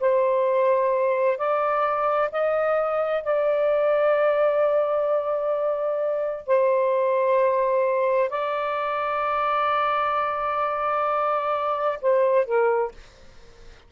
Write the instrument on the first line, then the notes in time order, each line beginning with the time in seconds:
saxophone
0.00 C5
1.38 D5
2.32 D#5
3.24 D5
6.47 C5
8.30 D5
12.02 C5
12.46 A#4